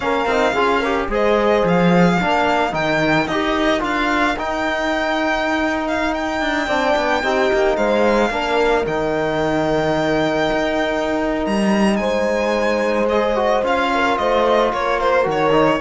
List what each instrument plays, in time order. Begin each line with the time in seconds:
0.00 cello A#3, trombone C#4, horn A#4, violin F5
0.25 cello C4, trombone D#4
0.53 cello C#4, trombone F4, horn G#4
0.79 trombone G4, horn A#4
1.08 cello G#3, trombone G#4, horn C5, violin D#5
1.63 cello F3, violin F5
2.16 trombone D4, horn A#4
2.22 cello A#3
2.71 cello D#3, trombone D#4, violin G5
3.27 cello D#4, trombone G4, violin D#5
3.79 cello D4, trombone F4, violin F5
4.37 trombone D#4, cello D#4, violin G5
5.87 violin F5
6.13 violin G5
6.40 cello D4
6.66 cello C4, trombone D4, horn D5
6.95 cello B3
7.23 cello C4, trombone D#4, horn G4
7.52 cello A#3
7.76 cello G#3, horn C5, violin F5
8.30 cello A#3, trombone D4, horn A#4
8.86 cello D#3, trombone D#4, violin G5
10.51 cello D#4
11.45 cello G3, violin A#5
11.96 cello G#3, horn C5, violin G#5
13.09 trombone G#4, violin D#5
13.35 trombone F#4
13.63 cello C#4, trombone F4, violin F5
13.94 horn A#4
14.17 cello A3, horn C5, violin D#5
14.72 cello A#3, horn A#4, violin C#5
15.00 violin C5
15.23 cello D#3, trombone F#4
15.31 violin C#5
15.52 trombone D#4